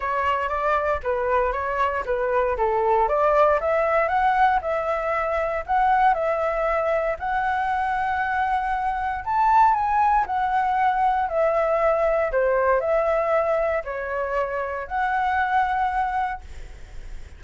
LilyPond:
\new Staff \with { instrumentName = "flute" } { \time 4/4 \tempo 4 = 117 cis''4 d''4 b'4 cis''4 | b'4 a'4 d''4 e''4 | fis''4 e''2 fis''4 | e''2 fis''2~ |
fis''2 a''4 gis''4 | fis''2 e''2 | c''4 e''2 cis''4~ | cis''4 fis''2. | }